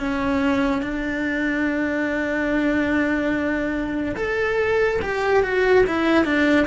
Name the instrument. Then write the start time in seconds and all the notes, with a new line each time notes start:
cello
0.00 C#4
0.82 D4
4.16 A4
5.02 G4
5.43 F#4
5.87 E4
6.25 D4